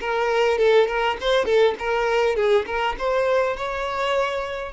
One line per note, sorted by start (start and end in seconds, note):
0.00 0.58 A#4
0.58 0.87 A4
0.87 1.17 A#4
1.20 1.45 C5
1.45 1.74 A4
1.79 2.35 A#4
2.35 2.65 G#4
2.66 2.96 A#4
2.98 3.56 C5
3.56 4.72 C#5